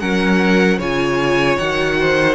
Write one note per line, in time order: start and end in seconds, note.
0.00 0.79 F#3
0.00 0.80 C#4
0.00 0.78 A#4
0.00 0.79 F#5
0.78 1.58 C#3
0.78 1.61 F4
0.78 1.97 C#5
0.78 1.58 G#5
1.58 2.35 D#3
1.58 2.35 F#4
1.58 2.35 F#5
2.00 2.35 C5